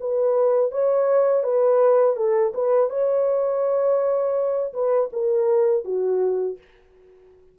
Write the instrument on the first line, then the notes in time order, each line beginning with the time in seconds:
horn
0.00 B4
0.72 C#5
1.44 B4
2.16 A4
2.54 B4
2.90 C#5
4.73 B4
5.13 A#4
5.84 F#4